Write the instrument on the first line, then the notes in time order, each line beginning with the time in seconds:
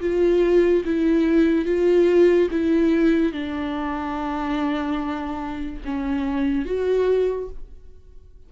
viola
0.00 F4
0.84 E4
1.65 F4
2.50 E4
3.32 D4
5.84 C#4
6.65 F#4